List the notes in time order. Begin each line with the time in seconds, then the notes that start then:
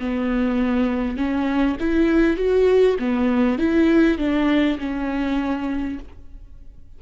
0.00 B3
1.17 C#4
1.80 E4
2.37 F#4
2.99 B3
3.59 E4
4.19 D4
4.79 C#4